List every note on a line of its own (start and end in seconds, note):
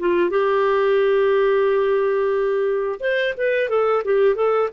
0.00 0.30 F4
0.30 3.00 G4
3.01 3.34 C5
3.38 3.70 B4
3.70 4.04 A4
4.05 4.36 G4
4.36 4.69 A4